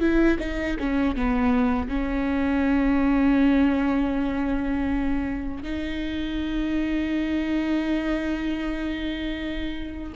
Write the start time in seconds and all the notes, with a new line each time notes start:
0.00 E4
0.39 D#4
0.79 C#4
1.16 B3
1.88 C#4
5.63 D#4